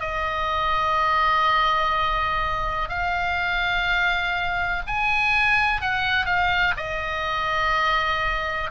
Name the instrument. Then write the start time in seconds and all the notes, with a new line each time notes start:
oboe
0.00 D#5
2.89 F5
4.87 G#5
5.81 F#5
6.26 F5
6.77 D#5